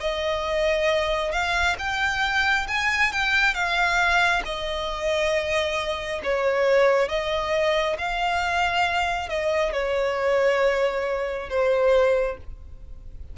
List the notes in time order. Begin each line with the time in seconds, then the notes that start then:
0.00 D#5
1.32 F5
1.78 G5
2.68 G#5
3.12 G5
3.54 F5
4.45 D#5
6.23 C#5
7.08 D#5
7.98 F5
9.29 D#5
9.73 C#5
11.49 C5